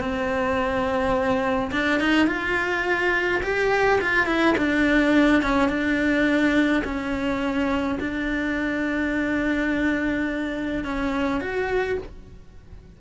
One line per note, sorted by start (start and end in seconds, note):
0.00 1.71 C4
1.72 2.00 D4
2.01 2.27 D#4
2.27 3.41 F4
3.43 4.00 G4
4.01 4.27 F4
4.27 4.55 E4
4.58 5.43 D4
5.43 5.69 C#4
5.69 6.83 D4
6.85 7.99 C#4
8.00 10.84 D4
10.84 11.41 C#4
11.41 11.98 F#4